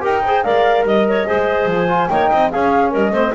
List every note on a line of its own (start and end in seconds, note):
0.00 0.44 D#4
0.00 0.21 G4
0.00 0.22 A#4
0.00 0.43 G5
0.25 0.44 G#4
0.25 0.44 C5
0.43 0.82 G#3
0.43 1.27 A#4
0.43 0.85 D5
0.43 0.84 F5
0.82 1.24 G3
0.82 1.69 D#5
0.82 1.07 D#5
1.08 1.27 C#5
1.27 1.65 G#3
1.27 1.88 G#4
1.27 2.10 C5
1.65 2.07 F3
1.65 2.08 G#5
1.88 2.09 F4
2.08 2.31 A#3
2.08 2.51 D#4
2.08 2.30 C#5
2.08 2.49 G5
2.30 2.53 C4
2.30 2.50 D#5
2.50 2.94 C#4
2.50 3.13 C#4
2.50 2.90 G#4
2.50 2.92 F5
2.90 3.10 G3
2.90 3.11 A#4
2.90 3.34 D#5
3.10 3.31 A3
3.10 3.33 C4
3.10 3.32 C5